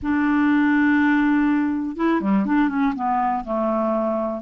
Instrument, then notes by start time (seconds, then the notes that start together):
clarinet
0.02 D4
1.96 E4
2.20 G3
2.45 D4
2.68 C#4
2.95 B3
3.44 A3